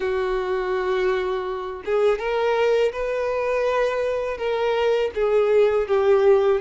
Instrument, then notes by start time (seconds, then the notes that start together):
violin
0.00 F#4
1.85 G#4
2.18 A#4
2.92 B4
4.37 A#4
5.15 G#4
5.87 G4